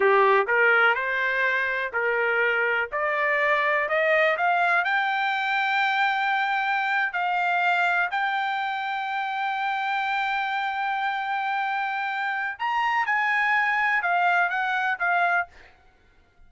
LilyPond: \new Staff \with { instrumentName = "trumpet" } { \time 4/4 \tempo 4 = 124 g'4 ais'4 c''2 | ais'2 d''2 | dis''4 f''4 g''2~ | g''2~ g''8. f''4~ f''16~ |
f''8. g''2.~ g''16~ | g''1~ | g''2 ais''4 gis''4~ | gis''4 f''4 fis''4 f''4 | }